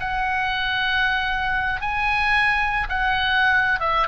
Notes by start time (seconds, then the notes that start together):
0.00 F#5
1.81 G#5
2.89 F#5
3.80 E5